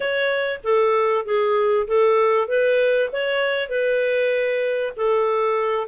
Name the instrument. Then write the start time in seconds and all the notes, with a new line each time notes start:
clarinet
0.00 C#5
0.63 A4
1.25 G#4
1.87 A4
2.47 B4
3.12 C#5
3.69 B4
4.96 A4